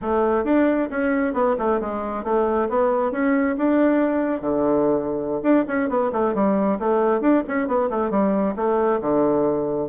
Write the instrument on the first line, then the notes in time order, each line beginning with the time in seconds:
bassoon
0.01 A3
0.44 D4
0.90 C#4
1.33 B3
1.58 A3
1.81 G#3
2.24 A3
2.69 B3
3.11 C#4
3.57 D4
4.41 D3
5.42 D4
5.67 C#4
5.89 B3
6.12 A3
6.34 G3
6.79 A3
7.20 D4
7.47 C#4
7.67 B3
7.90 A3
8.10 G3
8.56 A3
9.00 D3